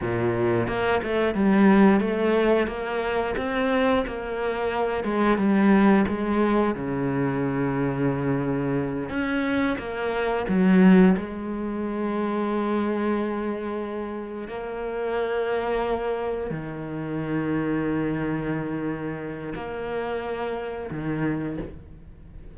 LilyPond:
\new Staff \with { instrumentName = "cello" } { \time 4/4 \tempo 4 = 89 ais,4 ais8 a8 g4 a4 | ais4 c'4 ais4. gis8 | g4 gis4 cis2~ | cis4. cis'4 ais4 fis8~ |
fis8 gis2.~ gis8~ | gis4. ais2~ ais8~ | ais8 dis2.~ dis8~ | dis4 ais2 dis4 | }